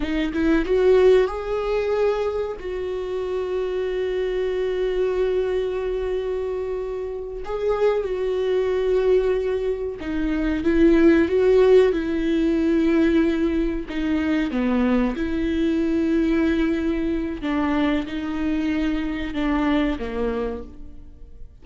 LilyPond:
\new Staff \with { instrumentName = "viola" } { \time 4/4 \tempo 4 = 93 dis'8 e'8 fis'4 gis'2 | fis'1~ | fis'2.~ fis'8 gis'8~ | gis'8 fis'2. dis'8~ |
dis'8 e'4 fis'4 e'4.~ | e'4. dis'4 b4 e'8~ | e'2. d'4 | dis'2 d'4 ais4 | }